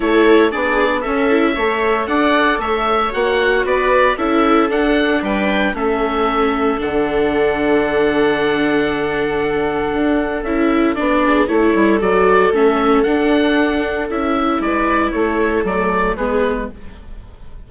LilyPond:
<<
  \new Staff \with { instrumentName = "oboe" } { \time 4/4 \tempo 4 = 115 cis''4 d''4 e''2 | fis''4 e''4 fis''4 d''4 | e''4 fis''4 g''4 e''4~ | e''4 fis''2.~ |
fis''1 | e''4 d''4 cis''4 d''4 | e''4 fis''2 e''4 | d''4 cis''4 d''4 b'4 | }
  \new Staff \with { instrumentName = "viola" } { \time 4/4 a'4 gis'4 a'4 cis''4 | d''4 cis''2 b'4 | a'2 b'4 a'4~ | a'1~ |
a'1~ | a'4. gis'8 a'2~ | a'1 | b'4 a'2 gis'4 | }
  \new Staff \with { instrumentName = "viola" } { \time 4/4 e'4 d'4 cis'8 e'8 a'4~ | a'2 fis'2 | e'4 d'2 cis'4~ | cis'4 d'2.~ |
d'1 | e'4 d'4 e'4 fis'4 | cis'4 d'2 e'4~ | e'2 a4 b4 | }
  \new Staff \with { instrumentName = "bassoon" } { \time 4/4 a4 b4 cis'4 a4 | d'4 a4 ais4 b4 | cis'4 d'4 g4 a4~ | a4 d2.~ |
d2. d'4 | cis'4 b4 a8 g8 fis4 | a4 d'2 cis'4 | gis4 a4 fis4 gis4 | }
>>